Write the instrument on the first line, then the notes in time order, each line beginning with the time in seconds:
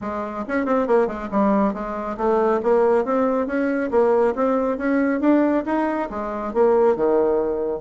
bassoon
0.01 G#3
0.48 C#4
0.65 C4
0.87 A#3
1.07 G#3
1.31 G3
1.73 G#3
2.17 A3
2.62 A#3
3.05 C4
3.47 C#4
3.91 A#3
4.35 C4
4.77 C#4
5.20 D4
5.65 D#4
6.10 G#3
6.53 A#3
6.96 D#3